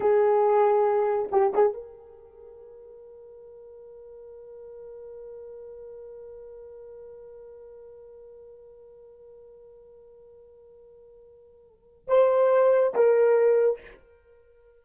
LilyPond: \new Staff \with { instrumentName = "horn" } { \time 4/4 \tempo 4 = 139 gis'2. g'8 gis'8 | ais'1~ | ais'1~ | ais'1~ |
ais'1~ | ais'1~ | ais'1 | c''2 ais'2 | }